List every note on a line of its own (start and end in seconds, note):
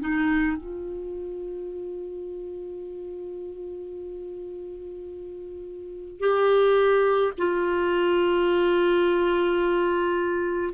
0.00 0.57 D#4
0.57 6.20 F4
6.20 7.33 G4
7.38 10.74 F4